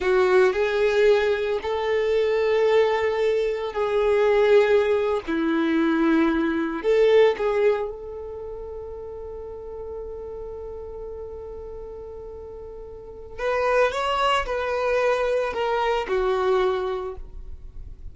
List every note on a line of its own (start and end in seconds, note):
0.00 0.52 F#4
0.52 1.59 G#4
1.62 3.73 A4
3.73 5.20 G#4
5.27 6.82 E4
6.82 7.36 A4
7.37 7.89 G#4
7.89 13.39 A4
13.39 13.92 B4
13.92 14.45 C#5
14.45 15.53 B4
15.53 16.06 A#4
16.08 17.15 F#4